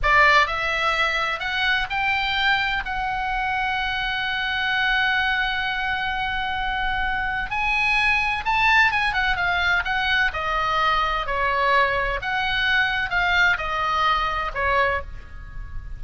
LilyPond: \new Staff \with { instrumentName = "oboe" } { \time 4/4 \tempo 4 = 128 d''4 e''2 fis''4 | g''2 fis''2~ | fis''1~ | fis''1 |
gis''2 a''4 gis''8 fis''8 | f''4 fis''4 dis''2 | cis''2 fis''2 | f''4 dis''2 cis''4 | }